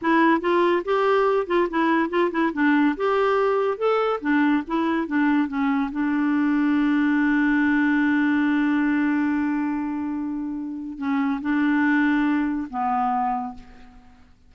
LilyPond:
\new Staff \with { instrumentName = "clarinet" } { \time 4/4 \tempo 4 = 142 e'4 f'4 g'4. f'8 | e'4 f'8 e'8 d'4 g'4~ | g'4 a'4 d'4 e'4 | d'4 cis'4 d'2~ |
d'1~ | d'1~ | d'2 cis'4 d'4~ | d'2 b2 | }